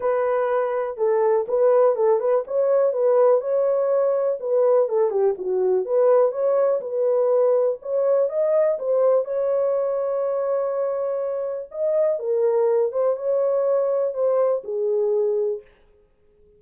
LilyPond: \new Staff \with { instrumentName = "horn" } { \time 4/4 \tempo 4 = 123 b'2 a'4 b'4 | a'8 b'8 cis''4 b'4 cis''4~ | cis''4 b'4 a'8 g'8 fis'4 | b'4 cis''4 b'2 |
cis''4 dis''4 c''4 cis''4~ | cis''1 | dis''4 ais'4. c''8 cis''4~ | cis''4 c''4 gis'2 | }